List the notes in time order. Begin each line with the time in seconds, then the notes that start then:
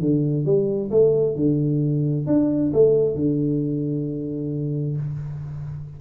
0.00 D3
0.45 G3
0.91 A3
1.36 D3
2.26 D4
2.73 A3
3.15 D3